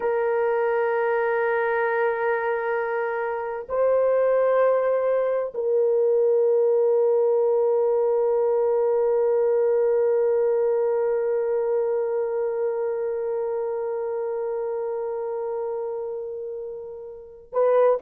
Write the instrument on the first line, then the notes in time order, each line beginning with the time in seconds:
horn
0.00 A#4
3.68 C5
5.54 A#4
17.52 B4